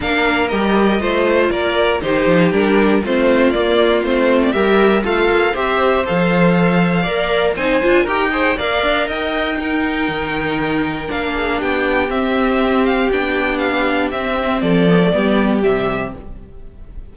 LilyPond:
<<
  \new Staff \with { instrumentName = "violin" } { \time 4/4 \tempo 4 = 119 f''4 dis''2 d''4 | c''4 ais'4 c''4 d''4 | c''8. d''16 e''4 f''4 e''4 | f''2. gis''4 |
g''4 f''4 g''2~ | g''2 f''4 g''4 | e''4. f''8 g''4 f''4 | e''4 d''2 e''4 | }
  \new Staff \with { instrumentName = "violin" } { \time 4/4 ais'2 c''4 ais'4 | g'2 f'2~ | f'4 g'4 f'4 c''4~ | c''2 d''4 c''4 |
ais'8 c''8 d''4 dis''4 ais'4~ | ais'2~ ais'8 gis'8 g'4~ | g'1~ | g'4 a'4 g'2 | }
  \new Staff \with { instrumentName = "viola" } { \time 4/4 d'4 g'4 f'2 | dis'4 d'4 c'4 ais4 | c'4 ais'4 a'4 g'4 | a'2 ais'4 dis'8 f'8 |
g'8 gis'8 ais'2 dis'4~ | dis'2 d'2 | c'2 d'2 | c'4. b16 a16 b4 g4 | }
  \new Staff \with { instrumentName = "cello" } { \time 4/4 ais4 g4 a4 ais4 | dis8 f8 g4 a4 ais4 | a4 g4 a8 ais8 c'4 | f2 ais4 c'8 d'8 |
dis'4 ais8 d'8 dis'2 | dis2 ais4 b4 | c'2 b2 | c'4 f4 g4 c4 | }
>>